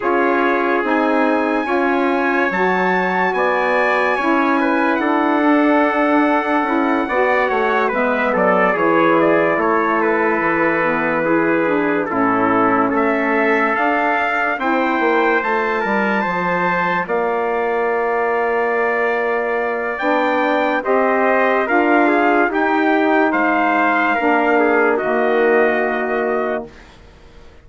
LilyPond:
<<
  \new Staff \with { instrumentName = "trumpet" } { \time 4/4 \tempo 4 = 72 cis''4 gis''2 a''4 | gis''2 fis''2~ | fis''4. e''8 d''8 cis''8 d''8 cis''8 | b'2~ b'8 a'4 e''8~ |
e''8 f''4 g''4 a''4.~ | a''8 f''2.~ f''8 | g''4 dis''4 f''4 g''4 | f''2 dis''2 | }
  \new Staff \with { instrumentName = "trumpet" } { \time 4/4 gis'2 cis''2 | d''4 cis''8 b'8 a'2~ | a'8 d''8 cis''8 b'8 a'8 gis'4 a'8~ | a'4. gis'4 e'4 a'8~ |
a'4. c''4. ais'8 c''8~ | c''8 d''2.~ d''8~ | d''4 c''4 ais'8 gis'8 g'4 | c''4 ais'8 gis'8 fis'2 | }
  \new Staff \with { instrumentName = "saxophone" } { \time 4/4 f'4 dis'4 f'4 fis'4~ | fis'4 e'4. d'4. | e'8 fis'4 b4 e'4.~ | e'4 b8 e'8 d'8 cis'4.~ |
cis'8 d'4 e'4 f'4.~ | f'1 | d'4 g'4 f'4 dis'4~ | dis'4 d'4 ais2 | }
  \new Staff \with { instrumentName = "bassoon" } { \time 4/4 cis'4 c'4 cis'4 fis4 | b4 cis'4 d'2 | cis'8 b8 a8 gis8 fis8 e4 a8~ | a8 e2 a,4 a8~ |
a8 d'4 c'8 ais8 a8 g8 f8~ | f8 ais2.~ ais8 | b4 c'4 d'4 dis'4 | gis4 ais4 dis2 | }
>>